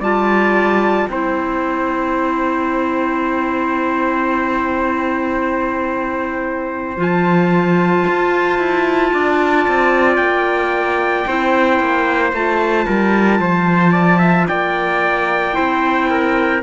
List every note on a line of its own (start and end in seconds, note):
0.00 1.07 G3
0.00 1.09 F4
0.00 1.07 D5
0.00 1.08 A5
1.08 6.97 C4
1.08 6.97 E4
1.08 9.13 C5
1.08 6.98 G5
6.97 8.04 F3
6.97 11.26 F4
6.97 10.16 A5
8.08 8.59 F4
8.59 9.12 E4
9.13 9.67 D4
9.13 11.28 D5
9.68 10.18 C4
10.16 11.25 A#3
10.16 12.30 G5
11.27 11.80 C4
11.27 12.33 E4
11.27 12.86 C5
11.80 12.33 A#3
12.33 12.86 A3
12.33 15.53 F4
12.33 14.48 A5
12.86 13.39 G3
12.86 13.40 A#4
13.39 14.46 F3
13.39 13.92 C5
13.92 14.19 D5
14.19 14.45 E5
14.48 15.57 A#3
14.48 15.55 D5
14.48 16.62 G5
15.53 16.63 C4
15.53 16.60 E4
15.53 16.09 C5
16.10 16.63 A#4